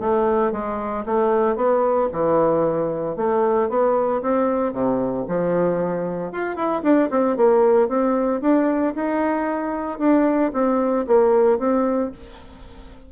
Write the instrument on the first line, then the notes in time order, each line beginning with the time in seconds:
bassoon
0.00 A3
0.52 G#3
1.06 A3
1.56 B3
2.12 E3
3.17 A3
3.69 B3
4.22 C4
4.73 C3
5.28 F3
6.32 F4
6.56 E4
6.83 D4
7.11 C4
7.37 A#3
7.89 C4
8.41 D4
8.95 D#4
9.99 D4
10.54 C4
11.07 A#3
11.59 C4